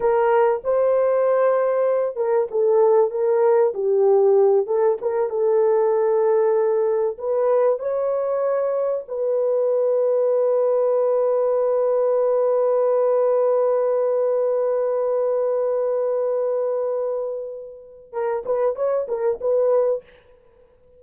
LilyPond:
\new Staff \with { instrumentName = "horn" } { \time 4/4 \tempo 4 = 96 ais'4 c''2~ c''8 ais'8 | a'4 ais'4 g'4. a'8 | ais'8 a'2. b'8~ | b'8 cis''2 b'4.~ |
b'1~ | b'1~ | b'1~ | b'4 ais'8 b'8 cis''8 ais'8 b'4 | }